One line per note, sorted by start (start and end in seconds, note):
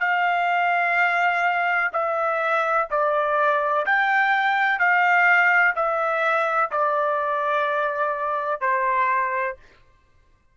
0.00 1.90 F5
1.93 2.88 E5
2.90 3.86 D5
3.87 4.79 G5
4.79 5.74 F5
5.76 6.71 E5
6.71 8.61 D5
8.61 9.56 C5